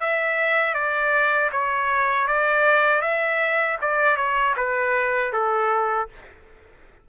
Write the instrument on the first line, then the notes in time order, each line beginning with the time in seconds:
trumpet
0.00 E5
0.74 D5
1.52 C#5
2.27 D5
3.01 E5
3.81 D5
4.16 C#5
4.56 B4
5.33 A4